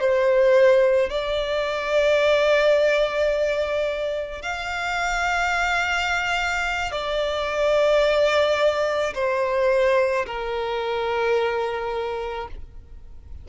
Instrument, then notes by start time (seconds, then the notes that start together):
violin
0.00 C5
1.10 D5
4.42 F5
6.91 D5
9.15 C5
10.26 A#4